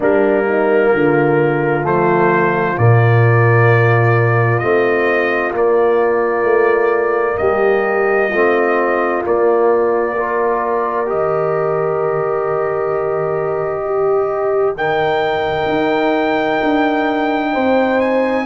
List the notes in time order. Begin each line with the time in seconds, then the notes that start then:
0.00 G3 A#3 D4 A#4
0.45 D#4
0.93 D3 F4
1.82 F3 A3 C5
2.77 A#2 A#3 D5
4.58 A3 C4 D#5
5.52 A#3 D5
6.43 A3
7.37 G3 G4 D#5
8.28 A3 C4 F4
9.23 A#3 D5
10.14 F4 A#4
11.05 D#3 G4 D#5
13.85 G4
14.77 D#4 A#4 G5
15.68 D#4
16.62 D4
17.52 C4 C5
18.00 G#5